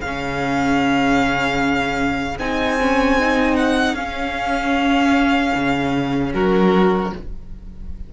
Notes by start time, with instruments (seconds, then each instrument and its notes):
0.00 cello C#3, viola C#4, violin G#4 F5
2.39 cello C4, viola D#4, violin G#5
2.81 viola C#4
3.20 viola D#4
3.56 violin F#5
3.94 cello C#4, viola C#4, violin F5
5.54 cello C#3
6.33 cello F#3, violin F#4 A#4